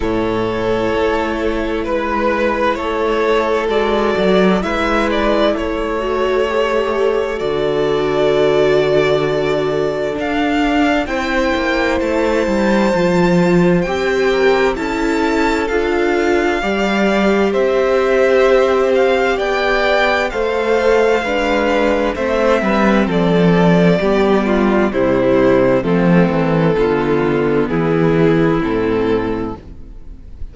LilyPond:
<<
  \new Staff \with { instrumentName = "violin" } { \time 4/4 \tempo 4 = 65 cis''2 b'4 cis''4 | d''4 e''8 d''8 cis''2 | d''2. f''4 | g''4 a''2 g''4 |
a''4 f''2 e''4~ | e''8 f''8 g''4 f''2 | e''4 d''2 c''4 | a'2 gis'4 a'4 | }
  \new Staff \with { instrumentName = "violin" } { \time 4/4 a'2 b'4 a'4~ | a'4 b'4 a'2~ | a'1 | c''2.~ c''8 ais'8 |
a'2 d''4 c''4~ | c''4 d''4 c''4 b'4 | c''8 b'8 a'4 g'8 f'8 e'4 | c'4 f'4 e'2 | }
  \new Staff \with { instrumentName = "viola" } { \time 4/4 e'1 | fis'4 e'4. fis'8 g'4 | fis'2. d'4 | e'2 f'4 g'4 |
e'4 f'4 g'2~ | g'2 a'4 d'4 | c'2 b4 g4 | a4 b2 c'4 | }
  \new Staff \with { instrumentName = "cello" } { \time 4/4 a,4 a4 gis4 a4 | gis8 fis8 gis4 a2 | d2. d'4 | c'8 ais8 a8 g8 f4 c'4 |
cis'4 d'4 g4 c'4~ | c'4 b4 a4 gis4 | a8 g8 f4 g4 c4 | f8 e8 d4 e4 a,4 | }
>>